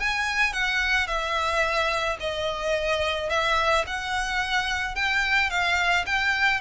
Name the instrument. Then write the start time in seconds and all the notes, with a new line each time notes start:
violin
0.00 G#5
0.53 F#5
1.08 E5
2.20 D#5
3.30 E5
3.87 F#5
4.96 G5
5.50 F5
6.06 G5